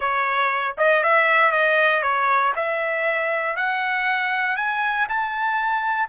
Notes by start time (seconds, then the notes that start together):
0.00 C#5
0.77 D#5
1.03 E5
1.51 D#5
2.02 C#5
2.55 E5
3.56 F#5
4.56 G#5
5.08 A5